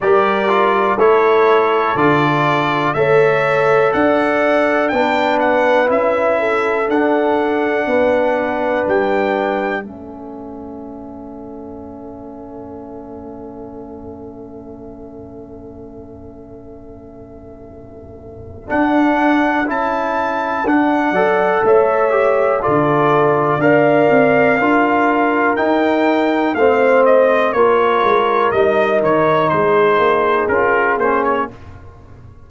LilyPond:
<<
  \new Staff \with { instrumentName = "trumpet" } { \time 4/4 \tempo 4 = 61 d''4 cis''4 d''4 e''4 | fis''4 g''8 fis''8 e''4 fis''4~ | fis''4 g''4 e''2~ | e''1~ |
e''2. fis''4 | a''4 fis''4 e''4 d''4 | f''2 g''4 f''8 dis''8 | cis''4 dis''8 cis''8 c''4 ais'8 c''16 cis''16 | }
  \new Staff \with { instrumentName = "horn" } { \time 4/4 ais'4 a'2 cis''4 | d''4 b'4. a'4. | b'2 a'2~ | a'1~ |
a'1~ | a'4. d''8 cis''4 a'4 | d''4 ais'2 c''4 | ais'2 gis'2 | }
  \new Staff \with { instrumentName = "trombone" } { \time 4/4 g'8 f'8 e'4 f'4 a'4~ | a'4 d'4 e'4 d'4~ | d'2 cis'2~ | cis'1~ |
cis'2. d'4 | e'4 d'8 a'4 g'8 f'4 | ais'4 f'4 dis'4 c'4 | f'4 dis'2 f'8 cis'8 | }
  \new Staff \with { instrumentName = "tuba" } { \time 4/4 g4 a4 d4 a4 | d'4 b4 cis'4 d'4 | b4 g4 a2~ | a1~ |
a2. d'4 | cis'4 d'8 fis8 a4 d4 | d'8 c'8 d'4 dis'4 a4 | ais8 gis8 g8 dis8 gis8 ais8 cis'8 ais8 | }
>>